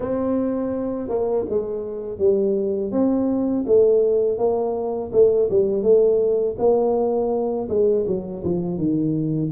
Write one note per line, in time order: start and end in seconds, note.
0.00 1.08 C4
1.08 1.45 A#3
1.49 2.18 G#3
2.18 2.91 G3
2.91 3.65 C4
3.67 4.38 A3
4.38 5.11 A#3
5.12 5.49 A3
5.49 5.82 G3
5.82 6.56 A3
6.58 7.68 A#3
7.68 8.05 G#3
8.06 8.43 F#3
8.44 8.77 F3
8.77 9.50 D#3